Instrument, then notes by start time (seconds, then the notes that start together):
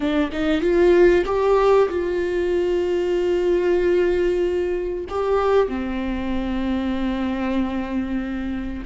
viola
0.00 D4
0.32 D#4
0.61 F4
1.25 G4
1.89 F4
5.09 G4
5.68 C4